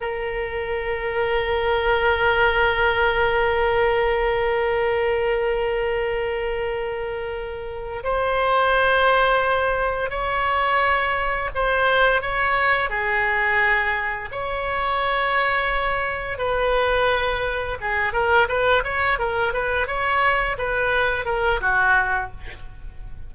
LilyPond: \new Staff \with { instrumentName = "oboe" } { \time 4/4 \tempo 4 = 86 ais'1~ | ais'1~ | ais'2.~ ais'8 c''8~ | c''2~ c''8 cis''4.~ |
cis''8 c''4 cis''4 gis'4.~ | gis'8 cis''2. b'8~ | b'4. gis'8 ais'8 b'8 cis''8 ais'8 | b'8 cis''4 b'4 ais'8 fis'4 | }